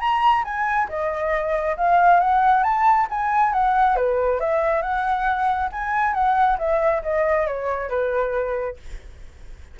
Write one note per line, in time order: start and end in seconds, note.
0.00 0.44 A#5
0.45 0.88 G#5
0.89 1.77 D#5
1.77 2.20 F5
2.20 2.64 F#5
2.64 3.07 A5
3.10 3.53 G#5
3.53 3.96 F#5
3.96 4.40 B4
4.40 4.82 E5
4.82 5.70 F#5
5.72 6.14 G#5
6.14 6.58 F#5
6.59 7.03 E5
7.03 7.47 D#5
7.47 7.90 C#5
7.90 8.77 B4